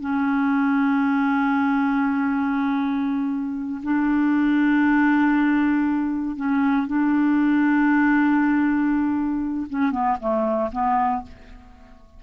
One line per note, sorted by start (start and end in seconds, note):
0.00 3.81 C#4
3.83 6.36 D4
6.36 6.87 C#4
6.87 9.67 D4
9.70 9.91 C#4
9.91 10.16 B3
10.20 10.71 A3
10.71 11.22 B3